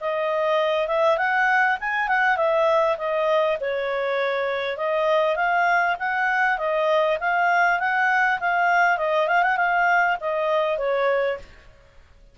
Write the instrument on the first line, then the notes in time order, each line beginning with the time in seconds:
clarinet
0.00 D#5
0.87 E5
1.17 F#5
1.80 G#5
2.08 F#5
2.36 E5
2.97 D#5
3.60 C#5
4.77 D#5
5.36 F5
5.99 F#5
6.58 D#5
7.20 F5
7.79 F#5
8.40 F5
8.98 D#5
9.27 F5
9.43 F#5
9.56 F5
10.20 D#5
10.78 C#5